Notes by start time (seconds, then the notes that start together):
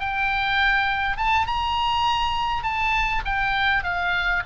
0.00 G5
1.17 A5
1.47 A#5
2.63 A5
3.25 G5
3.84 F5